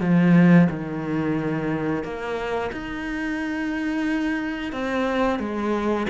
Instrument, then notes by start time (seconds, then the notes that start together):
cello
0.00 F3
0.70 D#3
2.03 A#3
2.72 D#4
4.72 C4
5.39 G#3